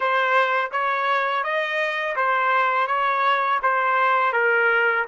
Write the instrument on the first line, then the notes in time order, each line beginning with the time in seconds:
trumpet
0.00 C5
0.71 C#5
1.43 D#5
2.16 C5
2.87 C#5
3.62 C5
4.32 A#4